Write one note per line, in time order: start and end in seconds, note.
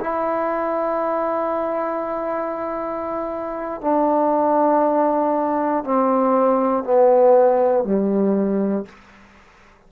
0.00 3.81 E4
3.81 5.84 D4
5.84 6.84 C4
6.84 7.84 B3
7.84 8.85 G3